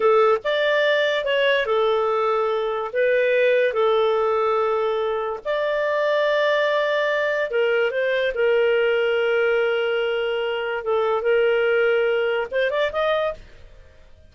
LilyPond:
\new Staff \with { instrumentName = "clarinet" } { \time 4/4 \tempo 4 = 144 a'4 d''2 cis''4 | a'2. b'4~ | b'4 a'2.~ | a'4 d''2.~ |
d''2 ais'4 c''4 | ais'1~ | ais'2 a'4 ais'4~ | ais'2 c''8 d''8 dis''4 | }